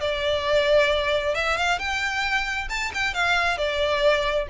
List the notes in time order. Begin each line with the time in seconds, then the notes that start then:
0.00 D5
1.34 E5
1.57 F5
1.79 G5
2.69 A5
2.94 G5
3.14 F5
3.57 D5